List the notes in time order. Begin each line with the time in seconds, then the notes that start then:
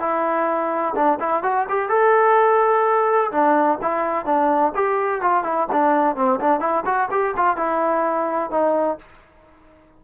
0.00 E4
0.95 D4
1.20 E4
1.43 F#4
1.69 G4
1.90 A4
3.32 D4
3.82 E4
4.26 D4
4.75 G4
5.22 F4
5.44 E4
5.72 D4
6.16 C4
6.41 D4
6.61 E4
6.86 F#4
7.11 G4
7.37 F4
7.57 E4
8.51 D#4